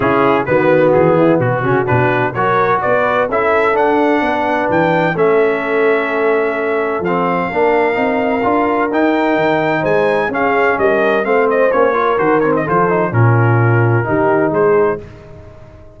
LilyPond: <<
  \new Staff \with { instrumentName = "trumpet" } { \time 4/4 \tempo 4 = 128 gis'4 b'4 gis'4 fis'4 | b'4 cis''4 d''4 e''4 | fis''2 g''4 e''4~ | e''2. f''4~ |
f''2. g''4~ | g''4 gis''4 f''4 dis''4 | f''8 dis''8 cis''4 c''8 cis''16 dis''16 c''4 | ais'2. c''4 | }
  \new Staff \with { instrumentName = "horn" } { \time 4/4 e'4 fis'4. e'8 fis'4~ | fis'4 ais'4 b'4 a'4~ | a'4 b'2 a'4~ | a'1 |
ais'1~ | ais'4 c''4 gis'4 ais'4 | c''4. ais'4. a'4 | f'2 g'4 gis'4 | }
  \new Staff \with { instrumentName = "trombone" } { \time 4/4 cis'4 b2~ b8 cis'8 | d'4 fis'2 e'4 | d'2. cis'4~ | cis'2. c'4 |
d'4 dis'4 f'4 dis'4~ | dis'2 cis'2 | c'4 cis'8 f'8 fis'8 c'8 f'8 dis'8 | cis'2 dis'2 | }
  \new Staff \with { instrumentName = "tuba" } { \time 4/4 cis4 dis4 e4 b,8 cis8 | b,4 fis4 b4 cis'4 | d'4 b4 e4 a4~ | a2. f4 |
ais4 c'4 d'4 dis'4 | dis4 gis4 cis'4 g4 | a4 ais4 dis4 f4 | ais,2 dis4 gis4 | }
>>